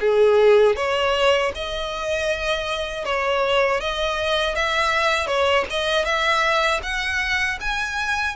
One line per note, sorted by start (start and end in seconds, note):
0.00 0.76 G#4
0.76 1.52 C#5
1.55 3.05 D#5
3.05 3.80 C#5
3.80 4.55 D#5
4.55 5.27 E5
5.27 5.65 C#5
5.70 6.04 D#5
6.04 6.80 E5
6.83 7.59 F#5
7.61 8.36 G#5